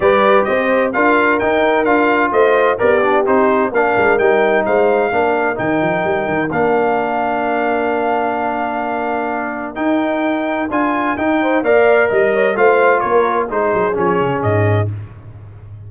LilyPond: <<
  \new Staff \with { instrumentName = "trumpet" } { \time 4/4 \tempo 4 = 129 d''4 dis''4 f''4 g''4 | f''4 dis''4 d''4 c''4 | f''4 g''4 f''2 | g''2 f''2~ |
f''1~ | f''4 g''2 gis''4 | g''4 f''4 dis''4 f''4 | cis''4 c''4 cis''4 dis''4 | }
  \new Staff \with { instrumentName = "horn" } { \time 4/4 b'4 c''4 ais'2~ | ais'4 c''4 g'2 | ais'2 c''4 ais'4~ | ais'1~ |
ais'1~ | ais'1~ | ais'8 c''8 d''4 dis''8 cis''8 c''4 | ais'4 gis'2. | }
  \new Staff \with { instrumentName = "trombone" } { \time 4/4 g'2 f'4 dis'4 | f'2 ais'8 d'8 dis'4 | d'4 dis'2 d'4 | dis'2 d'2~ |
d'1~ | d'4 dis'2 f'4 | dis'4 ais'2 f'4~ | f'4 dis'4 cis'2 | }
  \new Staff \with { instrumentName = "tuba" } { \time 4/4 g4 c'4 d'4 dis'4 | d'4 a4 b4 c'4 | ais8 gis8 g4 gis4 ais4 | dis8 f8 g8 dis8 ais2~ |
ais1~ | ais4 dis'2 d'4 | dis'4 ais4 g4 a4 | ais4 gis8 fis8 f8 cis8 gis,4 | }
>>